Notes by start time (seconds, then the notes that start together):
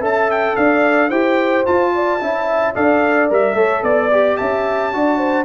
0.00 C#4 A4 E5 A5
0.31 G5
0.56 D4 D5 F5
1.09 E4 G4 C5 G5
1.65 F4 A5
1.94 D5
2.21 C#4 E4 E5
2.75 D4 A4 D5 F5
3.29 G3 A#4 E5
3.54 A3 A4 C#5
3.82 B3 D5
4.11 G4
4.37 C#4 E5 A5
4.93 D4 F#4 D5
5.18 C5